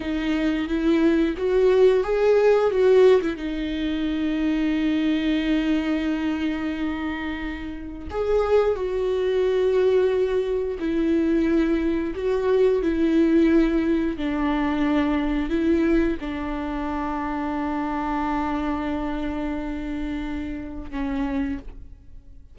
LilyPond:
\new Staff \with { instrumentName = "viola" } { \time 4/4 \tempo 4 = 89 dis'4 e'4 fis'4 gis'4 | fis'8. e'16 dis'2.~ | dis'1 | gis'4 fis'2. |
e'2 fis'4 e'4~ | e'4 d'2 e'4 | d'1~ | d'2. cis'4 | }